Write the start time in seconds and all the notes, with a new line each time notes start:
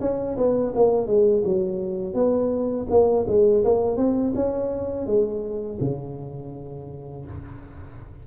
0.00 C#4
0.37 B3
0.75 A#3
1.06 G#3
1.44 F#3
2.14 B3
2.89 A#3
3.27 G#3
3.64 A#3
3.97 C4
4.35 C#4
5.06 G#3
5.80 C#3